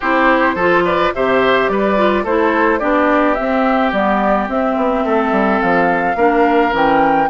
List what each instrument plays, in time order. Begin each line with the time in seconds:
0.00 bassoon C4, clarinet E4, oboe G4, flute C5
0.55 bassoon F3, clarinet F4, oboe A4
0.84 oboe B4, flute D5
1.14 bassoon C3, clarinet G4, oboe C5, flute E5
1.68 bassoon G3, oboe B4, flute D5
1.96 clarinet F4
2.23 bassoon A3, clarinet E4, oboe A4, flute C5
2.79 bassoon B3, clarinet D4, oboe G4, flute D5
3.34 clarinet C4, bassoon C4, flute E5
3.92 bassoon G3, clarinet B3, flute D5
4.47 clarinet C4, bassoon C4, flute E5
4.76 bassoon B3
5.05 bassoon A3, oboe A4
5.31 bassoon G3
5.61 bassoon F3, flute F5
6.15 bassoon A#3, clarinet D4, oboe A#4
6.71 bassoon E3, clarinet C#4, flute G5